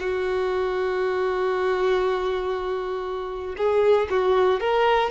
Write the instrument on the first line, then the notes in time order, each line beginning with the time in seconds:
violin
0.00 F#4
3.57 G#4
4.10 F#4
4.60 A#4